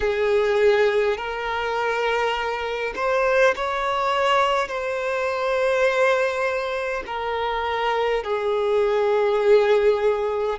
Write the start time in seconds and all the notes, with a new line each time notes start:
0.00 G#4
1.17 A#4
2.95 C5
3.55 C#5
4.67 C5
7.06 A#4
8.23 G#4